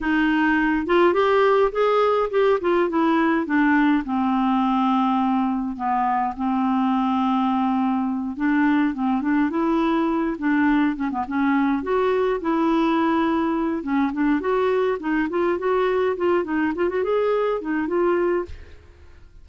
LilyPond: \new Staff \with { instrumentName = "clarinet" } { \time 4/4 \tempo 4 = 104 dis'4. f'8 g'4 gis'4 | g'8 f'8 e'4 d'4 c'4~ | c'2 b4 c'4~ | c'2~ c'8 d'4 c'8 |
d'8 e'4. d'4 cis'16 b16 cis'8~ | cis'8 fis'4 e'2~ e'8 | cis'8 d'8 fis'4 dis'8 f'8 fis'4 | f'8 dis'8 f'16 fis'16 gis'4 dis'8 f'4 | }